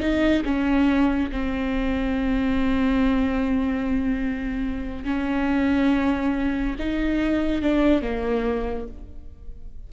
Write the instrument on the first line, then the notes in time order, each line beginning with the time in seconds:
viola
0.00 D#4
0.45 C#4
1.31 C4
5.04 C#4
6.79 D#4
7.62 D4
8.02 A#3